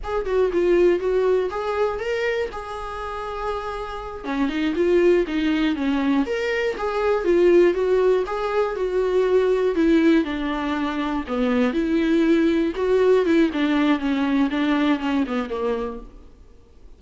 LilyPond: \new Staff \with { instrumentName = "viola" } { \time 4/4 \tempo 4 = 120 gis'8 fis'8 f'4 fis'4 gis'4 | ais'4 gis'2.~ | gis'8 cis'8 dis'8 f'4 dis'4 cis'8~ | cis'8 ais'4 gis'4 f'4 fis'8~ |
fis'8 gis'4 fis'2 e'8~ | e'8 d'2 b4 e'8~ | e'4. fis'4 e'8 d'4 | cis'4 d'4 cis'8 b8 ais4 | }